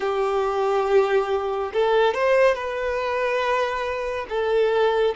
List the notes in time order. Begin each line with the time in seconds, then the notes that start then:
0.00 G4
1.73 A4
2.14 C5
2.54 B4
4.29 A4